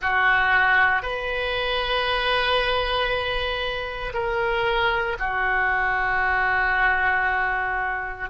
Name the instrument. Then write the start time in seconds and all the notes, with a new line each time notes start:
oboe
0.01 F#4
1.02 B4
4.13 A#4
5.19 F#4